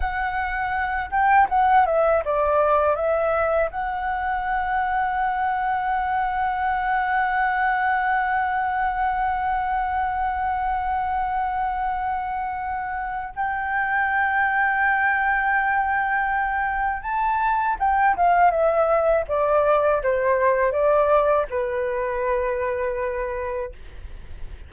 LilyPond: \new Staff \with { instrumentName = "flute" } { \time 4/4 \tempo 4 = 81 fis''4. g''8 fis''8 e''8 d''4 | e''4 fis''2.~ | fis''1~ | fis''1~ |
fis''2 g''2~ | g''2. a''4 | g''8 f''8 e''4 d''4 c''4 | d''4 b'2. | }